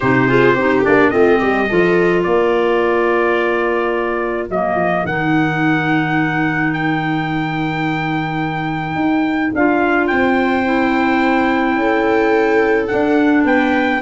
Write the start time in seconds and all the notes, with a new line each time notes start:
0.00 C3 D#4 G4 C5
0.27 F4 G#4
0.54 C4 D#4 G4
0.83 A#3 D4 D5
1.09 A3 C4 F4 D#5
1.39 G3 G4
1.69 F3 F4 A4
2.23 A#3 A#4 D5
4.49 F#3 A#3 D#5
4.75 F3
5.04 D#3 D#4 F#5
6.73 G5
8.95 D#4
9.54 D4 F4 F5
10.07 C4 C5 G5
10.64 E4
11.76 C#4 A4
12.87 D4 F#5
13.44 B3 B4 G5